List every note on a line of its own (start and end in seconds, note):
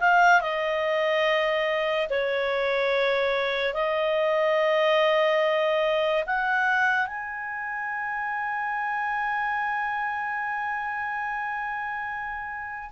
0.00 0.41 F5
0.41 2.08 D#5
2.09 3.73 C#5
3.73 6.23 D#5
6.26 7.06 F#5
7.06 12.90 G#5